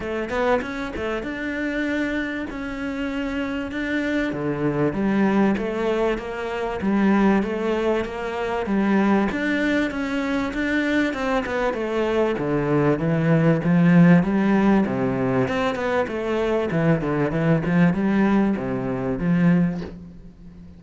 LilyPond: \new Staff \with { instrumentName = "cello" } { \time 4/4 \tempo 4 = 97 a8 b8 cis'8 a8 d'2 | cis'2 d'4 d4 | g4 a4 ais4 g4 | a4 ais4 g4 d'4 |
cis'4 d'4 c'8 b8 a4 | d4 e4 f4 g4 | c4 c'8 b8 a4 e8 d8 | e8 f8 g4 c4 f4 | }